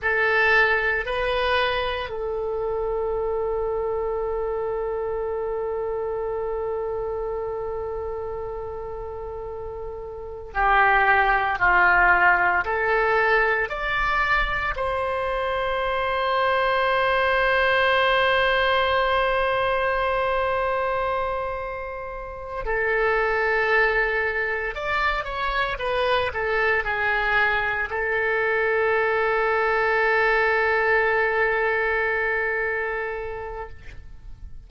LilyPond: \new Staff \with { instrumentName = "oboe" } { \time 4/4 \tempo 4 = 57 a'4 b'4 a'2~ | a'1~ | a'2 g'4 f'4 | a'4 d''4 c''2~ |
c''1~ | c''4. a'2 d''8 | cis''8 b'8 a'8 gis'4 a'4.~ | a'1 | }